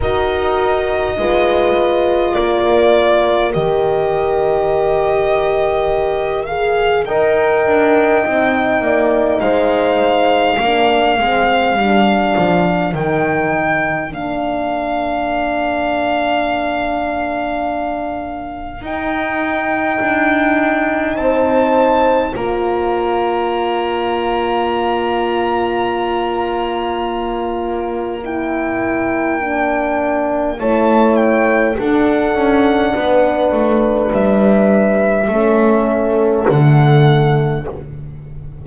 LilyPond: <<
  \new Staff \with { instrumentName = "violin" } { \time 4/4 \tempo 4 = 51 dis''2 d''4 dis''4~ | dis''4. f''8 g''2 | f''2. g''4 | f''1 |
g''2 a''4 ais''4~ | ais''1 | g''2 a''8 g''8 fis''4~ | fis''4 e''2 fis''4 | }
  \new Staff \with { instrumentName = "horn" } { \time 4/4 ais'4 b'4 ais'2~ | ais'2 dis''4. d''8 | c''4 ais'2.~ | ais'1~ |
ais'2 c''4 d''4~ | d''1~ | d''2 cis''4 a'4 | b'2 a'2 | }
  \new Staff \with { instrumentName = "horn" } { \time 4/4 fis'4 f'2 g'4~ | g'4. gis'8 ais'4 dis'4~ | dis'4 d'8 c'8 d'4 dis'4 | d'1 |
dis'2. f'4~ | f'1 | e'4 d'4 e'4 d'4~ | d'2 cis'4 a4 | }
  \new Staff \with { instrumentName = "double bass" } { \time 4/4 dis'4 gis4 ais4 dis4~ | dis2 dis'8 d'8 c'8 ais8 | gis4 ais8 gis8 g8 f8 dis4 | ais1 |
dis'4 d'4 c'4 ais4~ | ais1~ | ais2 a4 d'8 cis'8 | b8 a8 g4 a4 d4 | }
>>